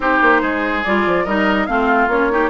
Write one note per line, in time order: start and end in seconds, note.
0.00 0.19 C4
0.00 0.83 D#4
0.00 0.41 G4
0.00 0.84 C5
0.21 0.41 A#3
0.41 0.83 G#3
0.41 1.24 G#4
0.84 1.06 G3
0.84 1.27 F4
0.84 1.25 D5
1.06 1.26 F3
1.24 1.68 G3
1.24 1.67 D#4
1.24 1.66 A#4
1.24 1.66 D#5
1.66 2.07 A3
1.66 2.09 C4
1.66 2.32 F4
1.66 2.08 F5
2.07 2.49 A#3
2.07 2.31 C#4
2.07 2.50 C#5
2.31 2.50 D#4
2.31 2.50 G4